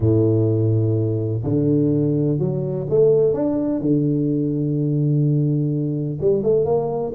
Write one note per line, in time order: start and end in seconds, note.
0.00 1.43 A2
1.43 2.38 D3
2.38 2.86 F#3
2.89 3.33 A3
3.33 3.80 D4
3.80 6.18 D3
6.20 6.43 G3
6.43 6.65 A3
6.65 7.13 A#3